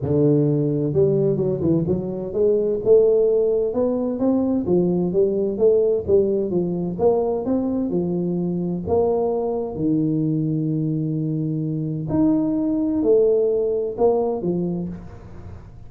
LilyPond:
\new Staff \with { instrumentName = "tuba" } { \time 4/4 \tempo 4 = 129 d2 g4 fis8 e8 | fis4 gis4 a2 | b4 c'4 f4 g4 | a4 g4 f4 ais4 |
c'4 f2 ais4~ | ais4 dis2.~ | dis2 dis'2 | a2 ais4 f4 | }